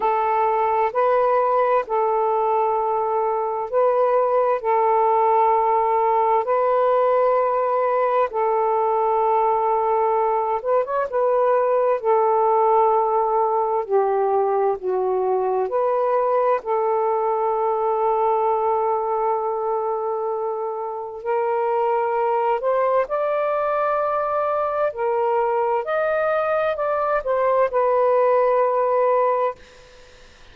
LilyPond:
\new Staff \with { instrumentName = "saxophone" } { \time 4/4 \tempo 4 = 65 a'4 b'4 a'2 | b'4 a'2 b'4~ | b'4 a'2~ a'8 b'16 cis''16 | b'4 a'2 g'4 |
fis'4 b'4 a'2~ | a'2. ais'4~ | ais'8 c''8 d''2 ais'4 | dis''4 d''8 c''8 b'2 | }